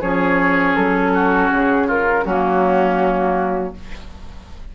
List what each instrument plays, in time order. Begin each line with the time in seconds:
0.00 bassoon F3, clarinet C#4, oboe G#4, flute C#5
0.76 bassoon F#3, flute A4
1.14 oboe F#4
1.51 bassoon C#3, flute G#4
1.87 oboe F4, flute A#4
2.25 bassoon F#3, clarinet A#3, oboe C#4, flute F#4